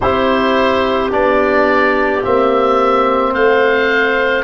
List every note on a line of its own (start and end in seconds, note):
0.00 1.12 C4
0.00 1.10 E4
0.00 3.32 G4
0.00 1.11 C5
1.10 2.23 B3
1.10 2.21 D4
1.10 2.23 D5
2.22 3.34 A#3
2.22 4.44 C4
2.22 3.34 E5
3.32 4.44 A3
3.32 4.43 C5
3.32 4.44 F5